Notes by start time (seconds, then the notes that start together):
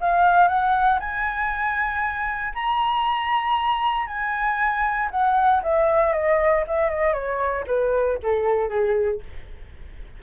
0.00 F5
0.48 F#5
0.99 G#5
2.54 A#5
4.06 G#5
5.10 F#5
5.62 E5
6.12 D#5
6.67 E5
6.89 D#5
7.13 C#5
7.66 B4
8.22 A4
8.69 G#4